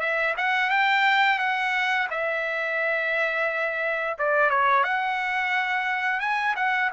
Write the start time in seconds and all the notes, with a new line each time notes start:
0.00 E5
0.37 F#5
0.70 G5
1.39 F#5
2.10 E5
4.18 D5
4.50 C#5
4.84 F#5
6.20 G#5
6.56 F#5